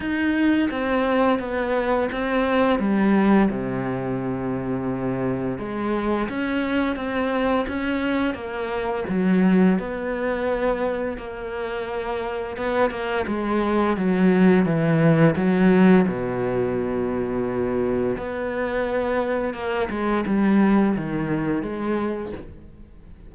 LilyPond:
\new Staff \with { instrumentName = "cello" } { \time 4/4 \tempo 4 = 86 dis'4 c'4 b4 c'4 | g4 c2. | gis4 cis'4 c'4 cis'4 | ais4 fis4 b2 |
ais2 b8 ais8 gis4 | fis4 e4 fis4 b,4~ | b,2 b2 | ais8 gis8 g4 dis4 gis4 | }